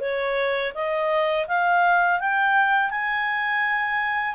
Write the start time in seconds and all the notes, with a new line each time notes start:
0.00 C#5
0.74 D#5
1.48 F5
2.20 G5
2.90 G#5